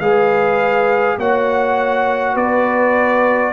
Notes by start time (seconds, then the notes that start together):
0.00 G#3 G#4 B4 F5
1.19 A#3 F#4 C#5 F#5
2.35 B3 B4 D5